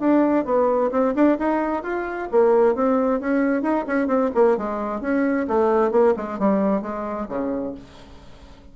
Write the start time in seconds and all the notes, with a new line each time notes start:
0.00 D4
0.45 B3
0.91 C4
1.15 D4
1.39 D#4
1.83 F4
2.31 A#3
2.75 C4
3.20 C#4
3.62 D#4
3.87 C#4
4.07 C4
4.35 A#3
4.57 G#3
5.01 C#4
5.48 A3
5.92 A#3
6.17 G#3
6.39 G3
6.82 G#3
7.29 C#3